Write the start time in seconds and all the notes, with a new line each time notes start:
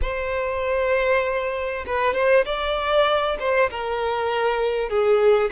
0.01 C5
1.86 B4
2.14 C5
2.45 D5
3.39 C5
3.70 A#4
4.89 G#4